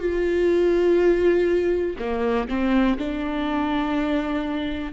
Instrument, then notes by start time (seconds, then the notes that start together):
viola
0.00 F4
1.99 A#3
2.49 C4
2.99 D4